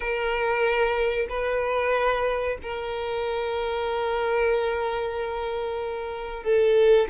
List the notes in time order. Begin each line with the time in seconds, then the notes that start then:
0.00 A#4
1.29 B4
2.62 A#4
6.43 A4